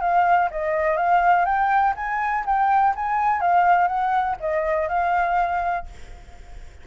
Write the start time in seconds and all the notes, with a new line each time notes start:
0.00 F5
0.50 D#5
0.96 F5
1.45 G5
1.96 G#5
2.45 G5
2.95 G#5
3.41 F5
3.87 F#5
4.40 D#5
4.88 F5